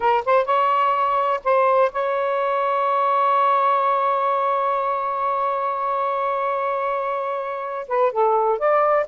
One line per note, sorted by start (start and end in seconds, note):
0.00 0.24 A#4
0.25 0.45 C5
0.45 1.40 C#5
1.44 1.91 C5
1.92 7.87 C#5
7.88 8.11 B4
8.11 8.58 A4
8.58 9.06 D5